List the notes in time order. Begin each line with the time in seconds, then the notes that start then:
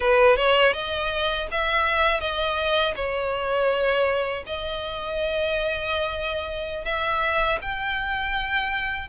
0.00 B4
0.36 C#5
0.73 D#5
1.51 E5
2.20 D#5
2.95 C#5
4.46 D#5
6.85 E5
7.61 G5